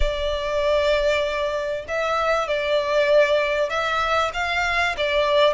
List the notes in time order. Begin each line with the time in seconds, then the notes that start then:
0.00 D5
1.88 E5
2.47 D5
3.69 E5
4.33 F5
4.97 D5